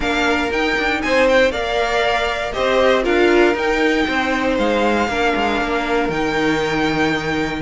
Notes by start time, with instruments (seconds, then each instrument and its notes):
0.00 cello A#3, viola D4, violin A#4 F5
0.50 cello D#4, viola D#4, violin G5
0.77 cello D4
1.01 cello C4, violin C5 G#5
1.28 violin G5
1.50 cello A#3, viola A#4, violin D5 F5
2.52 cello C4, viola G4, violin C5 D#5
3.02 cello D4, viola F4, violin A#4 F5
3.54 cello D#4, viola D#4, violin G5
4.07 cello C4, violin C5
4.57 cello G#3, violin F5
5.07 cello A#3, viola D4, violin A#4
5.35 cello G#3
5.60 cello A#3
6.09 cello D#3, viola D#4, violin G5